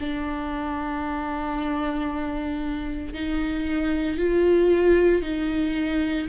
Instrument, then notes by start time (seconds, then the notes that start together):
viola
0.00 D4
3.14 D#4
4.18 F4
5.22 D#4